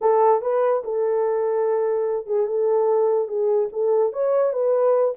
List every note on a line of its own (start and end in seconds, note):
0.01 0.41 A4
0.41 0.82 B4
0.84 2.26 A4
2.26 2.46 G#4
2.46 3.27 A4
3.27 3.69 G#4
3.72 4.12 A4
4.12 4.52 C#5
4.52 5.14 B4